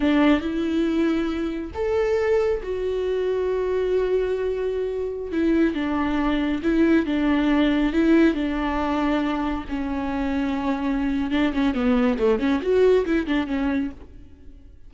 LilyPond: \new Staff \with { instrumentName = "viola" } { \time 4/4 \tempo 4 = 138 d'4 e'2. | a'2 fis'2~ | fis'1~ | fis'16 e'4 d'2 e'8.~ |
e'16 d'2 e'4 d'8.~ | d'2~ d'16 cis'4.~ cis'16~ | cis'2 d'8 cis'8 b4 | a8 cis'8 fis'4 e'8 d'8 cis'4 | }